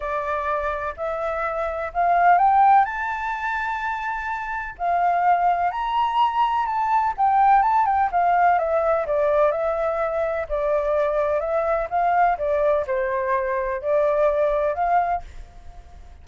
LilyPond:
\new Staff \with { instrumentName = "flute" } { \time 4/4 \tempo 4 = 126 d''2 e''2 | f''4 g''4 a''2~ | a''2 f''2 | ais''2 a''4 g''4 |
a''8 g''8 f''4 e''4 d''4 | e''2 d''2 | e''4 f''4 d''4 c''4~ | c''4 d''2 f''4 | }